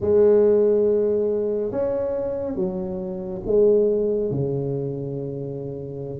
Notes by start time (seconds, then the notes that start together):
0.00 G#3
1.71 C#4
2.55 F#3
3.46 G#3
4.31 C#3